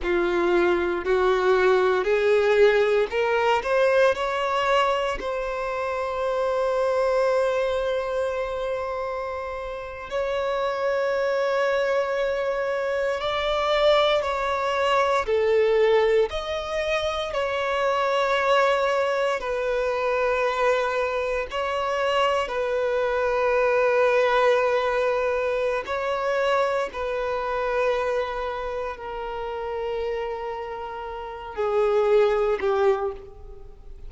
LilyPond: \new Staff \with { instrumentName = "violin" } { \time 4/4 \tempo 4 = 58 f'4 fis'4 gis'4 ais'8 c''8 | cis''4 c''2.~ | c''4.~ c''16 cis''2~ cis''16~ | cis''8. d''4 cis''4 a'4 dis''16~ |
dis''8. cis''2 b'4~ b'16~ | b'8. cis''4 b'2~ b'16~ | b'4 cis''4 b'2 | ais'2~ ais'8 gis'4 g'8 | }